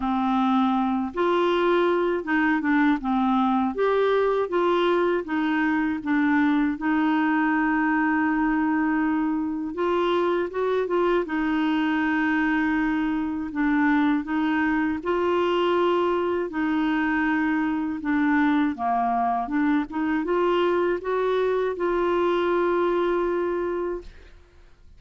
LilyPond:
\new Staff \with { instrumentName = "clarinet" } { \time 4/4 \tempo 4 = 80 c'4. f'4. dis'8 d'8 | c'4 g'4 f'4 dis'4 | d'4 dis'2.~ | dis'4 f'4 fis'8 f'8 dis'4~ |
dis'2 d'4 dis'4 | f'2 dis'2 | d'4 ais4 d'8 dis'8 f'4 | fis'4 f'2. | }